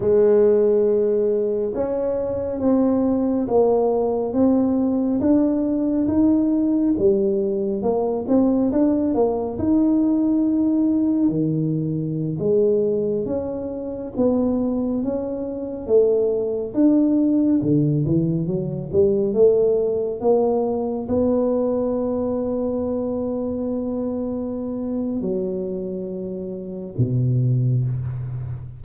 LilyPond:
\new Staff \with { instrumentName = "tuba" } { \time 4/4 \tempo 4 = 69 gis2 cis'4 c'4 | ais4 c'4 d'4 dis'4 | g4 ais8 c'8 d'8 ais8 dis'4~ | dis'4 dis4~ dis16 gis4 cis'8.~ |
cis'16 b4 cis'4 a4 d'8.~ | d'16 d8 e8 fis8 g8 a4 ais8.~ | ais16 b2.~ b8.~ | b4 fis2 b,4 | }